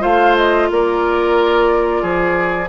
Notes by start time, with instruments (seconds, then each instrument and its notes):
0.00 bassoon A3, clarinet F4, oboe C5, flute F5
0.37 flute D#5
0.70 bassoon A#3, oboe A#4, flute D5
2.02 bassoon F3, oboe G#4